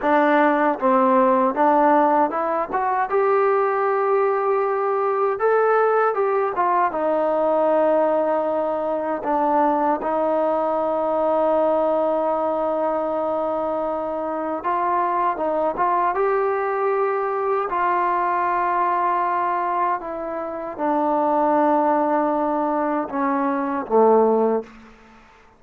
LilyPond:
\new Staff \with { instrumentName = "trombone" } { \time 4/4 \tempo 4 = 78 d'4 c'4 d'4 e'8 fis'8 | g'2. a'4 | g'8 f'8 dis'2. | d'4 dis'2.~ |
dis'2. f'4 | dis'8 f'8 g'2 f'4~ | f'2 e'4 d'4~ | d'2 cis'4 a4 | }